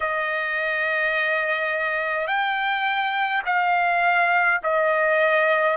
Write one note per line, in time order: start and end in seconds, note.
0.00 2.27 D#5
2.27 3.42 G5
3.45 4.60 F5
4.63 5.76 D#5